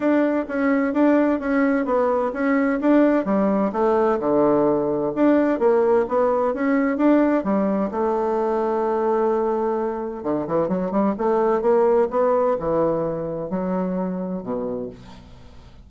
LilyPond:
\new Staff \with { instrumentName = "bassoon" } { \time 4/4 \tempo 4 = 129 d'4 cis'4 d'4 cis'4 | b4 cis'4 d'4 g4 | a4 d2 d'4 | ais4 b4 cis'4 d'4 |
g4 a2.~ | a2 d8 e8 fis8 g8 | a4 ais4 b4 e4~ | e4 fis2 b,4 | }